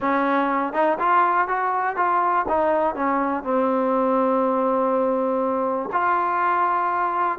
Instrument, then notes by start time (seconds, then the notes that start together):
trombone
0.00 C#4
0.73 D#4
0.99 F4
1.48 F#4
1.96 F4
2.48 D#4
2.95 C#4
3.43 C4
5.92 F4